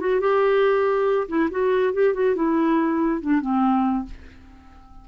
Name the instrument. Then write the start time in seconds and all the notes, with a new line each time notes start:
clarinet
0.00 F#4
0.20 G4
1.28 E4
1.51 F#4
1.94 G4
2.14 F#4
2.36 E4
3.21 D4
3.41 C4